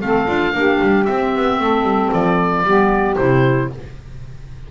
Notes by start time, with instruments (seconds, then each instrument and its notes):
0.00 double bass A3, clarinet C4, saxophone A4, oboe F5
0.26 double bass D4, clarinet F4
0.52 double bass A#3, clarinet D4, saxophone G4
0.80 double bass G3
1.04 clarinet C4, double bass C4, oboe E5
1.35 double bass B3
1.59 double bass A3, saxophone A4
1.82 double bass G3
2.12 double bass F3, oboe D5
2.63 double bass G3, clarinet B3, saxophone G4
3.15 double bass C3, clarinet E4, oboe C5